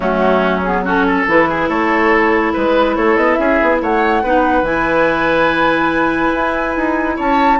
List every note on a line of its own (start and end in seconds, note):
0.00 1.25 F#3
0.00 0.61 A3
0.00 0.81 C#4
0.00 0.60 F#4
0.63 0.84 B3
0.63 0.84 G#4
0.84 1.26 C#4
0.84 1.05 F#4
0.84 1.30 A4
1.07 1.49 A4
1.27 1.68 E3
1.27 4.23 E4
1.27 1.69 B4
1.49 1.68 G#4
1.68 2.53 A3
1.68 2.53 A4
1.68 2.53 C#5
2.53 2.96 G#3
2.53 2.95 B4
2.53 2.96 B4
2.96 3.16 A3
2.96 3.39 A4
2.96 3.17 C#5
3.16 3.37 B3
3.16 3.34 D#5
3.34 3.60 C#4
3.34 3.81 G#4
3.34 3.76 E5
3.62 3.81 B3
3.81 4.23 A3
3.81 4.23 C#5
3.81 4.64 F#5
4.23 4.62 B3
4.23 4.64 D#4
4.23 7.16 B4
4.62 6.31 E3
4.62 7.60 E4
4.62 7.18 G#5
6.34 6.76 E4
6.76 7.18 D#4
7.16 7.60 C#4
7.16 7.58 C#5
7.16 7.60 A5